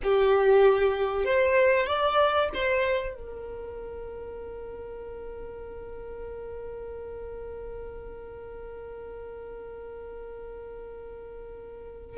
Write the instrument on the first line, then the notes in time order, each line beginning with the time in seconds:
violin
0.03 G4
1.24 C5
1.86 D5
2.54 C5
3.14 A#4